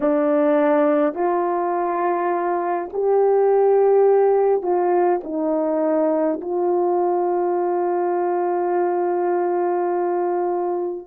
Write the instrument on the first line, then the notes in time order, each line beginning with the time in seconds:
horn
0.00 D4
1.14 F4
2.92 G4
4.62 F4
5.23 D#4
6.41 F4